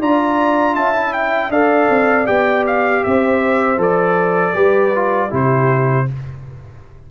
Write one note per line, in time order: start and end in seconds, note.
0.00 0.76 D4
0.00 0.95 F4
0.00 0.76 D5
0.00 0.75 A#5
0.75 1.50 C#4
0.75 1.52 E5
0.75 1.13 A5
0.95 1.52 E4
1.14 1.52 G5
1.50 1.88 D4
1.50 2.25 A4
1.50 3.03 D5
1.50 2.27 F5
1.90 2.28 C4
2.25 3.04 B3
2.25 3.77 G4
2.25 2.65 G5
2.67 3.04 F5
3.04 3.78 C4
3.04 4.55 C5
3.04 3.80 E5
3.78 4.54 F3
3.78 4.54 A4
3.78 5.34 D5
4.54 5.32 G3
4.54 4.92 G4
4.54 5.30 B4
4.95 5.30 F4
5.30 6.09 C3
5.30 6.06 E4
5.30 6.06 G4
5.30 6.11 C5